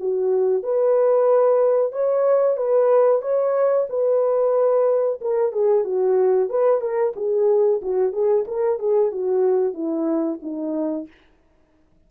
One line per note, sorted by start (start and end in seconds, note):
0.00 0.63 F#4
0.63 1.92 B4
1.92 2.57 C#5
2.57 3.22 B4
3.22 3.87 C#5
3.90 5.20 B4
5.21 5.52 A#4
5.52 5.85 G#4
5.85 6.50 F#4
6.50 6.81 B4
6.81 7.14 A#4
7.16 7.81 G#4
7.82 8.13 F#4
8.13 8.45 G#4
8.48 8.79 A#4
8.79 9.12 G#4
9.12 9.74 F#4
9.74 10.39 E4
10.43 11.08 D#4